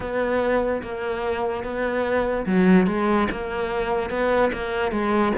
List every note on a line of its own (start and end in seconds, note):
0.00 0.82 B3
0.82 1.63 A#3
1.63 2.45 B3
2.46 2.87 F#3
2.87 3.28 G#3
3.31 4.10 A#3
4.10 4.51 B3
4.52 4.91 A#3
4.91 5.32 G#3